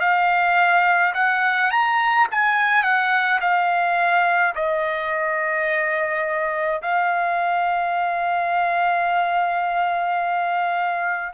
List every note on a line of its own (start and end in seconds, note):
0.00 1.13 F5
1.14 1.71 F#5
1.71 2.27 A#5
2.31 2.84 G#5
2.84 3.40 F#5
3.41 4.54 F5
4.55 6.82 D#5
6.82 11.34 F5